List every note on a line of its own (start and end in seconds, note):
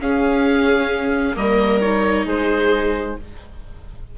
0.00 1.35 C#4
0.00 1.36 G#4
0.00 1.36 F5
1.35 2.26 G3
1.35 1.80 A#3
1.35 2.25 A#4
1.35 1.81 D#5
1.81 3.16 D#4
1.81 2.26 C#5
2.25 3.16 G#3
2.25 3.16 G#4
2.25 3.18 C5